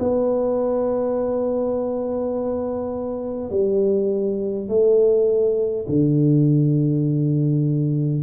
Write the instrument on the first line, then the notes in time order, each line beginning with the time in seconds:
tuba
0.00 B3
3.51 G3
4.68 A3
5.88 D3